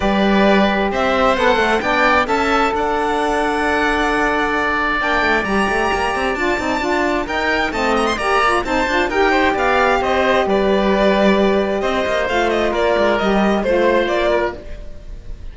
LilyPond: <<
  \new Staff \with { instrumentName = "violin" } { \time 4/4 \tempo 4 = 132 d''2 e''4 fis''4 | g''4 a''4 fis''2~ | fis''2. g''4 | ais''2 a''2 |
g''4 a''8 ais''16 c'''16 ais''4 a''4 | g''4 f''4 dis''4 d''4~ | d''2 dis''4 f''8 dis''8 | d''4 dis''4 c''4 d''4 | }
  \new Staff \with { instrumentName = "oboe" } { \time 4/4 b'2 c''2 | d''4 e''4 d''2~ | d''1~ | d''1 |
ais'4 dis''4 d''4 c''4 | ais'8 c''8 d''4 c''4 b'4~ | b'2 c''2 | ais'2 c''4. ais'8 | }
  \new Staff \with { instrumentName = "saxophone" } { \time 4/4 g'2. a'4 | d'4 a'2.~ | a'2. d'4 | g'2 f'8 dis'8 f'4 |
dis'4 c'4 g'8 f'8 dis'8 f'8 | g'1~ | g'2. f'4~ | f'4 g'4 f'2 | }
  \new Staff \with { instrumentName = "cello" } { \time 4/4 g2 c'4 b8 a8 | b4 cis'4 d'2~ | d'2. ais8 a8 | g8 a8 ais8 c'8 d'8 c'8 d'4 |
dis'4 a4 ais4 c'8 d'8 | dis'4 b4 c'4 g4~ | g2 c'8 ais8 a4 | ais8 gis8 g4 a4 ais4 | }
>>